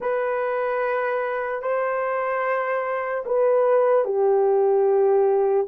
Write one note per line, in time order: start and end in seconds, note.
0.00 1.62 B4
1.62 3.24 C5
3.25 4.04 B4
4.04 5.66 G4